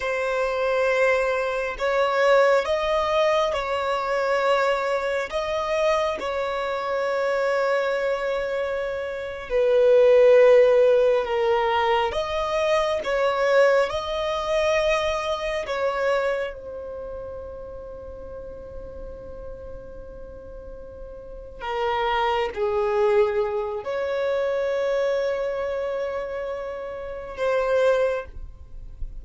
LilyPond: \new Staff \with { instrumentName = "violin" } { \time 4/4 \tempo 4 = 68 c''2 cis''4 dis''4 | cis''2 dis''4 cis''4~ | cis''2~ cis''8. b'4~ b'16~ | b'8. ais'4 dis''4 cis''4 dis''16~ |
dis''4.~ dis''16 cis''4 c''4~ c''16~ | c''1~ | c''8 ais'4 gis'4. cis''4~ | cis''2. c''4 | }